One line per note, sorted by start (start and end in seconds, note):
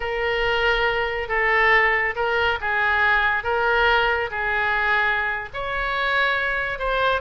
0.00 1.28 A#4
1.28 2.14 A4
2.15 2.58 A#4
2.60 3.43 G#4
3.43 4.29 A#4
4.30 5.49 G#4
5.53 6.78 C#5
6.78 7.21 C5